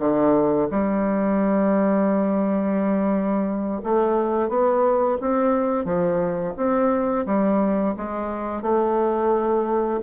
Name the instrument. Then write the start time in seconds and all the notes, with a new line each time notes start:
bassoon
0.00 D3
0.71 G3
3.84 A3
4.49 B3
5.21 C4
5.85 F3
6.57 C4
7.26 G3
7.97 G#3
8.62 A3